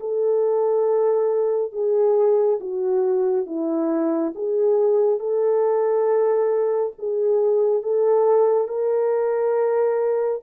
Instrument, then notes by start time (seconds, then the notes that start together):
horn
0.00 A4
1.73 G#4
2.60 F#4
3.47 E4
4.36 G#4
5.20 A4
6.99 G#4
7.83 A4
8.68 A#4